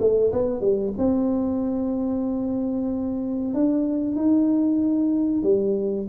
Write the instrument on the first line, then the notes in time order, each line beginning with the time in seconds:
tuba
0.00 A3
0.33 B3
0.61 G3
0.98 C4
3.54 D4
4.16 D#4
5.43 G3